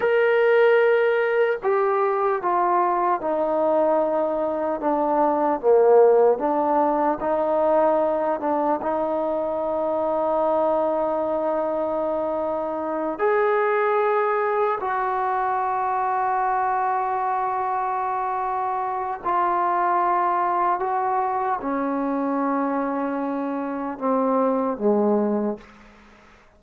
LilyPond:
\new Staff \with { instrumentName = "trombone" } { \time 4/4 \tempo 4 = 75 ais'2 g'4 f'4 | dis'2 d'4 ais4 | d'4 dis'4. d'8 dis'4~ | dis'1~ |
dis'8 gis'2 fis'4.~ | fis'1 | f'2 fis'4 cis'4~ | cis'2 c'4 gis4 | }